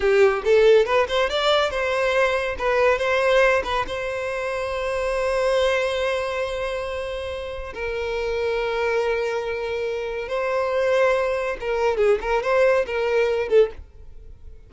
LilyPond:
\new Staff \with { instrumentName = "violin" } { \time 4/4 \tempo 4 = 140 g'4 a'4 b'8 c''8 d''4 | c''2 b'4 c''4~ | c''8 b'8 c''2.~ | c''1~ |
c''2 ais'2~ | ais'1 | c''2. ais'4 | gis'8 ais'8 c''4 ais'4. a'8 | }